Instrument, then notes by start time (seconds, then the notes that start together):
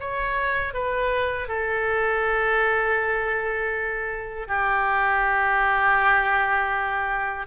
oboe
0.00 C#5
0.73 B4
1.48 A4
4.48 G4